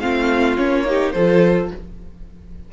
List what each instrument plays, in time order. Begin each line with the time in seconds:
0.00 cello A3, viola C4, violin F4 F5
0.57 cello A#3, viola C#4, violin C#5
0.85 viola D#4, violin G4
1.12 cello F3, viola F4, violin A4 C5